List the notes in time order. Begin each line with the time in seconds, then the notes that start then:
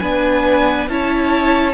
0.00 B3 D4 B4 G#5
0.88 C#4 E4 C#5 A5